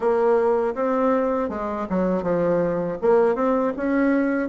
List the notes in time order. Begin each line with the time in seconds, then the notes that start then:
0.00 A#3
0.74 C4
1.49 G#3
1.89 F#3
2.22 F3
3.01 A#3
3.35 C4
3.77 C#4